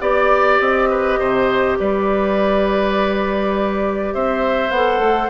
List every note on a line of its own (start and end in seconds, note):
0.00 0.60 B3
0.00 4.71 G4
0.00 0.59 D5
0.00 0.89 D5
0.59 1.19 C4
0.59 1.77 D#5
0.90 1.20 B4
1.20 1.78 C3
1.20 1.78 C5
1.79 4.15 G3
1.79 4.14 B4
1.79 4.14 D5
4.14 4.71 C4
4.14 5.30 C5
4.14 4.71 E5
4.71 4.99 B3
4.71 5.30 A4
4.71 5.30 F#5
4.99 5.29 A3